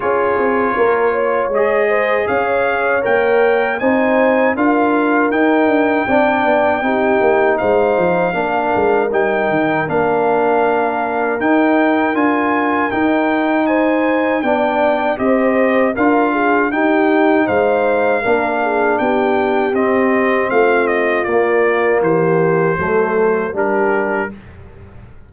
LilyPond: <<
  \new Staff \with { instrumentName = "trumpet" } { \time 4/4 \tempo 4 = 79 cis''2 dis''4 f''4 | g''4 gis''4 f''4 g''4~ | g''2 f''2 | g''4 f''2 g''4 |
gis''4 g''4 gis''4 g''4 | dis''4 f''4 g''4 f''4~ | f''4 g''4 dis''4 f''8 dis''8 | d''4 c''2 ais'4 | }
  \new Staff \with { instrumentName = "horn" } { \time 4/4 gis'4 ais'8 cis''4 c''8 cis''4~ | cis''4 c''4 ais'2 | d''4 g'4 c''4 ais'4~ | ais'1~ |
ais'2 c''4 d''4 | c''4 ais'8 gis'8 g'4 c''4 | ais'8 gis'8 g'2 f'4~ | f'4 g'4 a'4 g'4 | }
  \new Staff \with { instrumentName = "trombone" } { \time 4/4 f'2 gis'2 | ais'4 dis'4 f'4 dis'4 | d'4 dis'2 d'4 | dis'4 d'2 dis'4 |
f'4 dis'2 d'4 | g'4 f'4 dis'2 | d'2 c'2 | ais2 a4 d'4 | }
  \new Staff \with { instrumentName = "tuba" } { \time 4/4 cis'8 c'8 ais4 gis4 cis'4 | ais4 c'4 d'4 dis'8 d'8 | c'8 b8 c'8 ais8 gis8 f8 ais8 gis8 | g8 dis8 ais2 dis'4 |
d'4 dis'2 b4 | c'4 d'4 dis'4 gis4 | ais4 b4 c'4 a4 | ais4 e4 fis4 g4 | }
>>